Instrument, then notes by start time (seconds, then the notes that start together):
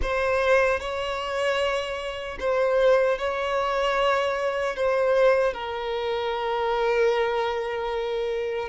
violin
0.01 C5
0.80 C#5
2.39 C5
3.18 C#5
4.75 C5
5.53 A#4